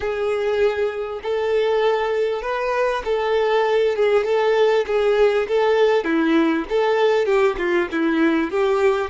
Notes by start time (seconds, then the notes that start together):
0.00 G#4
1.22 A4
2.42 B4
3.05 A4
3.96 G#4
4.25 A4
4.87 G#4
5.47 A4
6.04 E4
6.69 A4
7.25 G4
7.58 F4
7.91 E4
8.50 G4